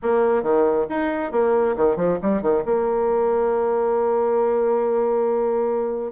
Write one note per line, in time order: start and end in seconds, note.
0.02 0.42 A#3
0.42 0.86 D#3
0.89 1.31 D#4
1.31 1.75 A#3
1.76 1.96 D#3
1.96 2.18 F3
2.22 2.41 G3
2.41 2.63 D#3
2.65 6.12 A#3